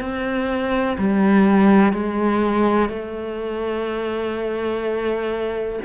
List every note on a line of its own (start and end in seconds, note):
0.00 0.97 C4
0.98 1.93 G3
1.93 2.89 G#3
2.89 5.79 A3